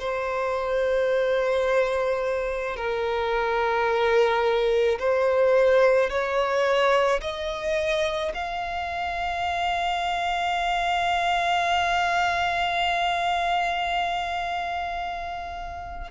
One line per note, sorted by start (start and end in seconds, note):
0.00 2.77 C5
2.77 4.99 A#4
4.99 6.10 C5
6.10 7.21 C#5
7.22 8.33 D#5
8.35 16.11 F5